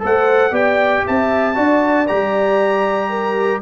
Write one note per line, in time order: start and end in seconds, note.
0.00 0.52 A3
0.00 0.51 A4
0.00 0.52 C5
0.00 0.55 F#5
0.52 1.03 B3
0.52 1.54 G4
0.52 1.03 D5
0.52 1.06 G5
1.06 1.57 C4
1.06 1.57 E5
1.06 2.07 A5
1.55 2.09 D4
1.55 2.06 F#4
1.55 3.10 D5
2.07 3.62 G3
2.07 3.62 G4
2.07 3.61 A#5
3.10 3.61 A#4